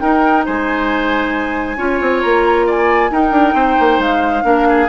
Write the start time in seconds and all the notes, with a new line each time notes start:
0.00 D#4 A#4 G5
0.46 G#3 C5 G#5
1.77 C#4 F4 C#5
2.01 C4
2.22 A#3 A#5
2.67 D5 G#5
3.11 D#4 A#4 G5
3.31 D4
3.54 C4 C5
3.80 A#3
3.99 G#3 F5
4.44 A#3 D4 A#4
4.69 G#4